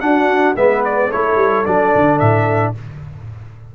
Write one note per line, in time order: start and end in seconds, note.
0.00 0.55 D4
0.00 0.57 F#4
0.00 0.55 F#5
0.56 1.11 G#3
0.56 1.11 B3
0.56 1.08 B4
0.56 0.83 E5
0.84 1.11 D5
1.08 1.35 A3
1.08 1.66 E4
1.08 2.72 A4
1.08 1.65 C#5
1.35 1.63 G3
1.65 1.94 F#3
1.65 2.75 D4
1.65 2.19 D5
1.94 2.20 D3
2.19 2.75 A2
2.19 2.73 E5